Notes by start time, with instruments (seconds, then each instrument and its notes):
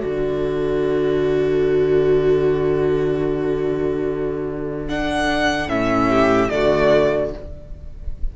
0.00 cello D3, viola F#4, violin A4 D5
4.89 viola D4, violin F#5
5.67 cello A2, viola C#4, violin E5
6.09 violin G4
6.50 cello D3, viola A3, violin F#4 D5